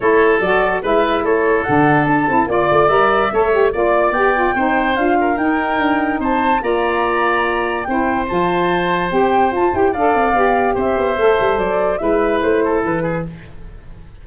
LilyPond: <<
  \new Staff \with { instrumentName = "flute" } { \time 4/4 \tempo 4 = 145 cis''4 d''4 e''4 cis''4 | fis''4 a''4 d''4 e''4~ | e''4 d''4 g''2 | f''4 g''2 a''4 |
ais''2. g''4 | a''2 g''4 a''8 g''8 | f''2 e''2 | d''4 e''4 c''4 b'4 | }
  \new Staff \with { instrumentName = "oboe" } { \time 4/4 a'2 b'4 a'4~ | a'2 d''2 | cis''4 d''2 c''4~ | c''8 ais'2~ ais'8 c''4 |
d''2. c''4~ | c''1 | d''2 c''2~ | c''4 b'4. a'4 gis'8 | }
  \new Staff \with { instrumentName = "saxophone" } { \time 4/4 e'4 fis'4 e'2 | d'4. e'8 f'4 ais'4 | a'8 g'8 f'4 g'8 f'8 dis'4 | f'4 dis'2. |
f'2. e'4 | f'2 g'4 f'8 g'8 | a'4 g'2 a'4~ | a'4 e'2. | }
  \new Staff \with { instrumentName = "tuba" } { \time 4/4 a4 fis4 gis4 a4 | d4 d'8 c'8 ais8 a8 g4 | a4 ais4 b4 c'4 | d'4 dis'4 d'4 c'4 |
ais2. c'4 | f2 c'4 f'8 e'8 | d'8 c'8 b4 c'8 b8 a8 g8 | fis4 gis4 a4 e4 | }
>>